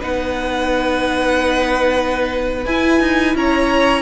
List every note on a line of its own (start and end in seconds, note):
0.00 2.65 B3
0.00 2.65 D#4
0.00 3.36 B4
0.00 2.65 F#5
2.65 3.00 E4
2.65 4.02 E4
2.65 3.35 G#5
3.00 3.34 D#4
3.34 4.02 C#4
3.34 4.02 C#5
3.34 4.02 A#5